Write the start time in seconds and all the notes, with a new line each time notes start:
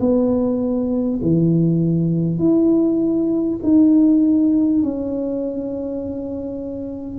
0.00 B3
1.22 E3
2.39 E4
3.63 D#4
4.83 C#4